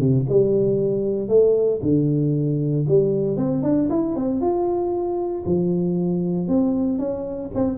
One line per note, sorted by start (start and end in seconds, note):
0.00 0.26 C3
0.29 1.29 G3
1.29 1.81 A3
1.83 2.86 D3
2.88 3.37 G3
3.37 3.63 C4
3.63 3.89 D4
3.90 4.16 E4
4.16 4.41 C4
4.41 5.44 F4
5.46 6.48 F3
6.48 6.99 C4
6.99 7.51 C#4
7.55 7.78 C4